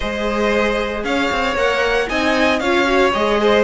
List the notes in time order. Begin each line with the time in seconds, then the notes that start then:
0.00 G#3 G#4 C5 D#5
1.04 C#4 C#5 F5
1.31 C4
1.55 A#3 A#4 F#5
2.07 C4 D#4 D#5 G#5
2.59 C#4 F4 C#5 F5
2.85 F#4
3.13 G#3 G#4 D#5
3.41 C5